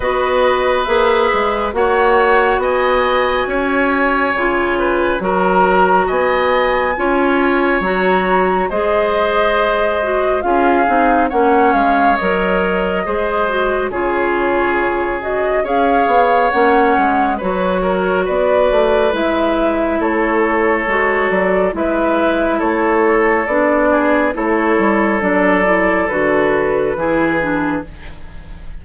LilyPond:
<<
  \new Staff \with { instrumentName = "flute" } { \time 4/4 \tempo 4 = 69 dis''4 e''4 fis''4 gis''4~ | gis''2 ais''4 gis''4~ | gis''4 ais''4 dis''2 | f''4 fis''8 f''8 dis''2 |
cis''4. dis''8 f''4 fis''4 | cis''4 d''4 e''4 cis''4~ | cis''8 d''8 e''4 cis''4 d''4 | cis''4 d''4 b'2 | }
  \new Staff \with { instrumentName = "oboe" } { \time 4/4 b'2 cis''4 dis''4 | cis''4. b'8 ais'4 dis''4 | cis''2 c''2 | gis'4 cis''2 c''4 |
gis'2 cis''2 | b'8 ais'8 b'2 a'4~ | a'4 b'4 a'4. gis'8 | a'2. gis'4 | }
  \new Staff \with { instrumentName = "clarinet" } { \time 4/4 fis'4 gis'4 fis'2~ | fis'4 f'4 fis'2 | f'4 fis'4 gis'4. fis'8 | f'8 dis'8 cis'4 ais'4 gis'8 fis'8 |
f'4. fis'8 gis'4 cis'4 | fis'2 e'2 | fis'4 e'2 d'4 | e'4 d'8 e'8 fis'4 e'8 d'8 | }
  \new Staff \with { instrumentName = "bassoon" } { \time 4/4 b4 ais8 gis8 ais4 b4 | cis'4 cis4 fis4 b4 | cis'4 fis4 gis2 | cis'8 c'8 ais8 gis8 fis4 gis4 |
cis2 cis'8 b8 ais8 gis8 | fis4 b8 a8 gis4 a4 | gis8 fis8 gis4 a4 b4 | a8 g8 fis4 d4 e4 | }
>>